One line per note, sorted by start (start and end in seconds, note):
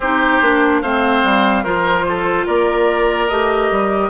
0.00 0.40 C4
0.00 0.42 D#4
0.00 0.81 G4
0.00 0.81 C5
0.41 0.82 A#3
0.41 0.83 D4
0.81 1.23 A3
0.81 1.65 C4
0.81 1.63 C5
0.81 1.64 F5
1.23 1.64 G3
1.63 2.47 F3
1.63 3.29 F4
1.63 2.04 A#4
1.63 2.46 C5
2.08 2.46 A4
2.46 3.29 A#3
2.46 4.09 A#4
2.46 3.28 D5
3.28 3.70 A3
3.28 4.09 G4
3.28 4.09 D#5
3.70 4.09 G3